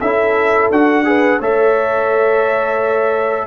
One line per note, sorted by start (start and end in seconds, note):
0.00 0.70 C#4
0.00 0.73 E4
0.00 1.05 A4
0.00 0.70 E5
0.70 1.39 D4
0.70 1.05 F#4
0.70 1.41 F#5
1.05 1.40 G#4
1.05 1.40 B4
1.39 3.47 A3
1.39 3.47 A4
1.39 3.47 C#5
1.39 3.47 E5